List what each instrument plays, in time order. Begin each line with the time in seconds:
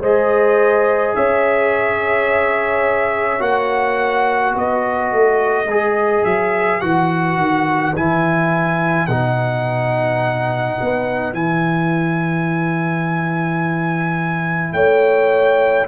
0.00 tuba G#3, trombone G#4, horn C5, trumpet D#5
1.15 tuba C#4, horn C#5, trumpet E5
3.39 tuba A#3, trombone F#4, trumpet F#5
4.54 tuba B3, horn B4, trumpet D#5
5.12 tuba A3
5.66 tuba G#3, trombone G#4
6.24 tuba F#3, trumpet E5
6.81 tuba E3, trombone F#4, trumpet F#5
7.37 tuba D#3
7.96 tuba E3, trombone E4, trumpet G#5
9.07 tuba B2, trombone D#4, trumpet F#5
10.81 tuba B3
11.33 tuba E3, trombone E4, trumpet G#5
14.73 tuba A3, horn C#5, trumpet G5